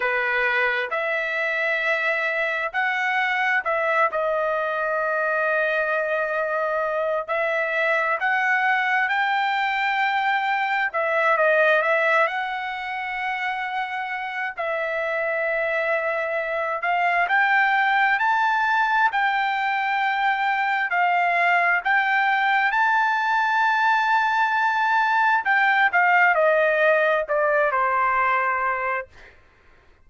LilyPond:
\new Staff \with { instrumentName = "trumpet" } { \time 4/4 \tempo 4 = 66 b'4 e''2 fis''4 | e''8 dis''2.~ dis''8 | e''4 fis''4 g''2 | e''8 dis''8 e''8 fis''2~ fis''8 |
e''2~ e''8 f''8 g''4 | a''4 g''2 f''4 | g''4 a''2. | g''8 f''8 dis''4 d''8 c''4. | }